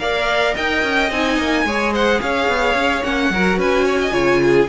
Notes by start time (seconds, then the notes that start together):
0.00 A#3 A#4 D5 F5
0.55 D#4 D#5 G5
0.84 C#4
1.11 C4 D#4 G#5
1.39 A#3
1.65 G#3 G#4 C#5
1.93 C5 F#5
2.22 C#4 C#5 F5
2.49 B3
2.75 C#4
3.04 A#3 C#4 F#5
3.30 F#3 F#4 A#4
3.58 C#4 B4 G#5
3.85 C#5
4.01 D#5
4.12 C#3 F4 C#5
4.43 G#4